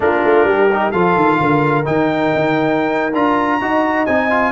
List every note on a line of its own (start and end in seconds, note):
0.00 0.21 A#3
0.00 0.70 D4
0.00 0.47 F4
0.00 0.91 A#4
0.24 0.44 A3
0.44 0.91 G3
0.44 0.91 G4
0.72 0.93 D#4
0.91 1.16 F3
0.91 1.84 F4
0.91 1.38 A4
0.91 1.84 F5
1.16 1.39 D#3
1.39 1.86 D3
1.39 3.60 A#4
1.84 2.33 D#3
1.84 3.12 D#4
1.84 3.13 G5
2.34 3.13 D#4
3.13 3.60 D4
3.13 3.60 F4
3.13 4.05 A#5
3.60 4.07 D#4
3.60 4.07 F#4
3.60 4.52 D#5
4.05 4.52 C4
4.05 4.30 D#4
4.05 4.52 G#5
4.30 4.52 F4